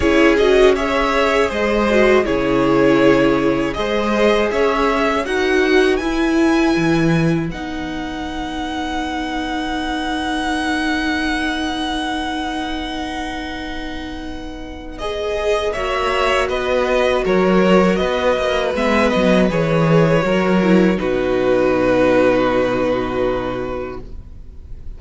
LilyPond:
<<
  \new Staff \with { instrumentName = "violin" } { \time 4/4 \tempo 4 = 80 cis''8 dis''8 e''4 dis''4 cis''4~ | cis''4 dis''4 e''4 fis''4 | gis''2 fis''2~ | fis''1~ |
fis''1 | dis''4 e''4 dis''4 cis''4 | dis''4 e''8 dis''8 cis''2 | b'1 | }
  \new Staff \with { instrumentName = "violin" } { \time 4/4 gis'4 cis''4 c''4 gis'4~ | gis'4 c''4 cis''4 b'4~ | b'1~ | b'1~ |
b'1~ | b'4 cis''4 b'4 ais'4 | b'2. ais'4 | fis'1 | }
  \new Staff \with { instrumentName = "viola" } { \time 4/4 e'8 fis'8 gis'4. fis'8 e'4~ | e'4 gis'2 fis'4 | e'2 dis'2~ | dis'1~ |
dis'1 | gis'4 fis'2.~ | fis'4 b4 gis'4 fis'8 e'8 | dis'1 | }
  \new Staff \with { instrumentName = "cello" } { \time 4/4 cis'2 gis4 cis4~ | cis4 gis4 cis'4 dis'4 | e'4 e4 b2~ | b1~ |
b1~ | b4 ais4 b4 fis4 | b8 ais8 gis8 fis8 e4 fis4 | b,1 | }
>>